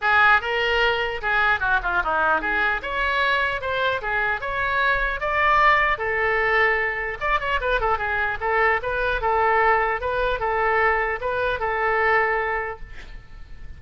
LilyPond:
\new Staff \with { instrumentName = "oboe" } { \time 4/4 \tempo 4 = 150 gis'4 ais'2 gis'4 | fis'8 f'8 dis'4 gis'4 cis''4~ | cis''4 c''4 gis'4 cis''4~ | cis''4 d''2 a'4~ |
a'2 d''8 cis''8 b'8 a'8 | gis'4 a'4 b'4 a'4~ | a'4 b'4 a'2 | b'4 a'2. | }